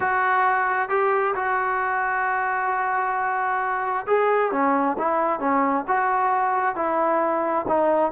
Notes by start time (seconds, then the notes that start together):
0.00 F#4
0.89 G4
1.35 F#4
4.06 G#4
4.51 C#4
4.98 E4
5.39 C#4
5.87 F#4
6.75 E4
7.68 D#4